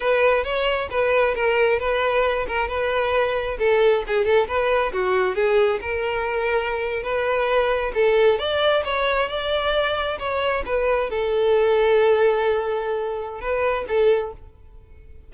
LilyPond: \new Staff \with { instrumentName = "violin" } { \time 4/4 \tempo 4 = 134 b'4 cis''4 b'4 ais'4 | b'4. ais'8 b'2 | a'4 gis'8 a'8 b'4 fis'4 | gis'4 ais'2~ ais'8. b'16~ |
b'4.~ b'16 a'4 d''4 cis''16~ | cis''8. d''2 cis''4 b'16~ | b'8. a'2.~ a'16~ | a'2 b'4 a'4 | }